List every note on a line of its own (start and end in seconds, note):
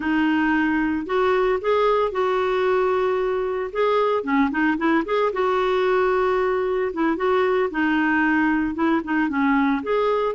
0.00 1.05 D#4
1.06 1.59 F#4
1.61 2.11 G#4
2.11 3.70 F#4
3.72 4.23 G#4
4.23 4.50 C#4
4.50 4.77 D#4
4.77 5.04 E4
5.05 5.31 G#4
5.32 6.91 F#4
6.93 7.16 E4
7.16 7.69 F#4
7.71 8.74 D#4
8.74 9.01 E4
9.04 9.28 D#4
9.28 9.82 C#4
9.83 10.35 G#4